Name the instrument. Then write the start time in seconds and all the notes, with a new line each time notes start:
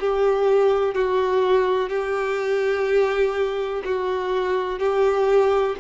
violin
0.00 G4
0.95 F#4
1.89 G4
3.85 F#4
4.79 G4